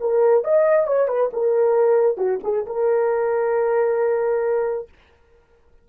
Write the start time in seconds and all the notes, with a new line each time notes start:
0.00 A#4
0.44 D#5
0.87 C#5
1.08 B4
1.33 A#4
2.17 F#4
2.43 G#4
2.66 A#4